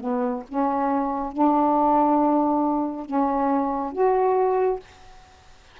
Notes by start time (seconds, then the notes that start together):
0.00 B3
0.49 C#4
1.32 D4
3.06 C#4
3.92 F#4